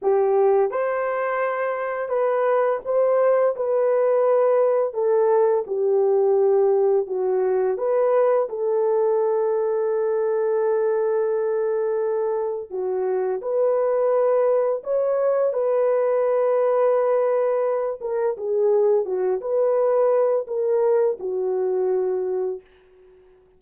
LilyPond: \new Staff \with { instrumentName = "horn" } { \time 4/4 \tempo 4 = 85 g'4 c''2 b'4 | c''4 b'2 a'4 | g'2 fis'4 b'4 | a'1~ |
a'2 fis'4 b'4~ | b'4 cis''4 b'2~ | b'4. ais'8 gis'4 fis'8 b'8~ | b'4 ais'4 fis'2 | }